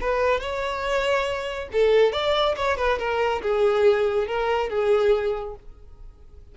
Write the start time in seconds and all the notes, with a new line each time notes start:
0.00 B4
0.40 C#5
1.72 A4
2.12 D5
2.56 C#5
2.77 B4
2.98 A#4
3.42 G#4
4.27 A#4
4.69 G#4